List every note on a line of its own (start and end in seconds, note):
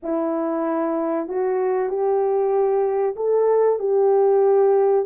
0.02 1.28 E4
1.28 1.89 F#4
1.89 3.15 G4
3.16 3.79 A4
3.79 5.05 G4